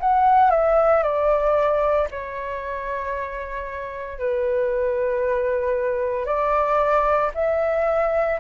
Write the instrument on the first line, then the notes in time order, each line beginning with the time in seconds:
flute
0.00 F#5
0.50 E5
1.03 D5
2.11 C#5
4.19 B4
6.26 D5
7.34 E5